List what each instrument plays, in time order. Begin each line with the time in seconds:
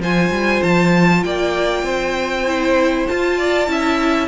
0.00 cello F3, viola F4, violin C5 G#5
0.31 cello G3
0.63 cello F3, violin A5
1.24 cello A#3, violin D5 G5
1.83 cello C4, violin C5
2.47 viola E4
3.08 viola F4, cello F4, violin A5
3.38 violin D5
3.67 cello C#4, viola E4, violin E5